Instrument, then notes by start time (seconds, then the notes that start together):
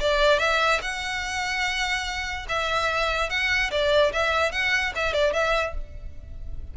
violin
0.00 D5
0.39 E5
0.82 F#5
2.49 E5
3.30 F#5
3.71 D5
4.12 E5
4.52 F#5
4.96 E5
5.13 D5
5.33 E5